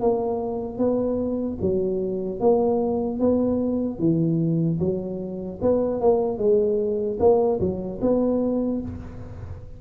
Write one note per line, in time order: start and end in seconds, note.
0.00 0.77 A#3
0.77 1.57 B3
1.61 2.40 F#3
2.40 3.19 A#3
3.19 3.99 B3
3.99 4.79 E3
4.79 5.59 F#3
5.61 6.00 B3
6.00 6.38 A#3
6.38 7.18 G#3
7.19 7.59 A#3
7.60 8.00 F#3
8.01 8.81 B3